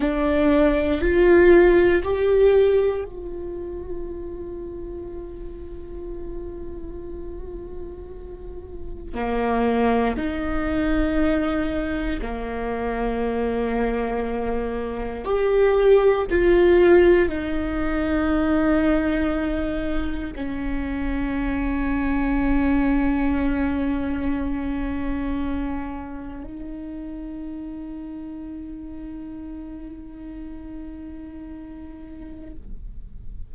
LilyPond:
\new Staff \with { instrumentName = "viola" } { \time 4/4 \tempo 4 = 59 d'4 f'4 g'4 f'4~ | f'1~ | f'4 ais4 dis'2 | ais2. g'4 |
f'4 dis'2. | cis'1~ | cis'2 dis'2~ | dis'1 | }